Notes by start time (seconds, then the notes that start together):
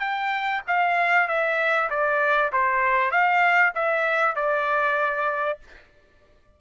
0.00 G5
0.67 F5
1.28 E5
1.90 D5
2.53 C5
3.11 F5
3.75 E5
4.36 D5